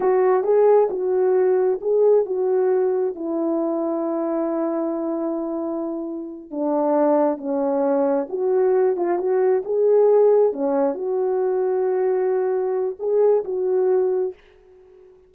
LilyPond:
\new Staff \with { instrumentName = "horn" } { \time 4/4 \tempo 4 = 134 fis'4 gis'4 fis'2 | gis'4 fis'2 e'4~ | e'1~ | e'2~ e'8 d'4.~ |
d'8 cis'2 fis'4. | f'8 fis'4 gis'2 cis'8~ | cis'8 fis'2.~ fis'8~ | fis'4 gis'4 fis'2 | }